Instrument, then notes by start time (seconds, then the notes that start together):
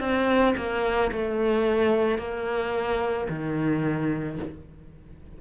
cello
0.00 C4
0.57 A#3
1.12 A3
2.18 A#3
3.29 D#3